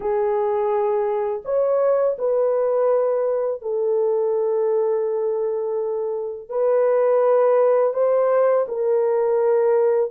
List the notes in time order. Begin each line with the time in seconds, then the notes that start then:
0.00 G#4
1.45 C#5
2.18 B4
3.61 A4
6.49 B4
7.93 C5
8.68 A#4